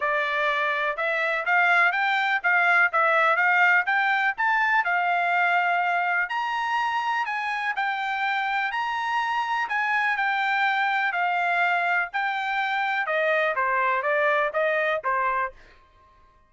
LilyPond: \new Staff \with { instrumentName = "trumpet" } { \time 4/4 \tempo 4 = 124 d''2 e''4 f''4 | g''4 f''4 e''4 f''4 | g''4 a''4 f''2~ | f''4 ais''2 gis''4 |
g''2 ais''2 | gis''4 g''2 f''4~ | f''4 g''2 dis''4 | c''4 d''4 dis''4 c''4 | }